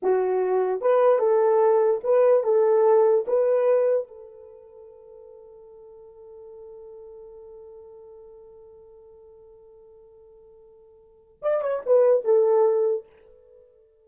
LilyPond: \new Staff \with { instrumentName = "horn" } { \time 4/4 \tempo 4 = 147 fis'2 b'4 a'4~ | a'4 b'4 a'2 | b'2 a'2~ | a'1~ |
a'1~ | a'1~ | a'1 | d''8 cis''8 b'4 a'2 | }